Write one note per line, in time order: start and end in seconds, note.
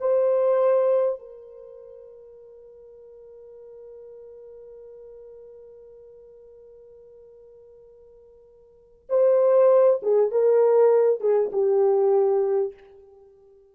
0.00 1.20 C5
1.20 9.07 A#4
9.09 10.00 C5
10.02 10.31 G#4
10.31 11.20 A#4
11.20 11.51 G#4
11.52 12.74 G4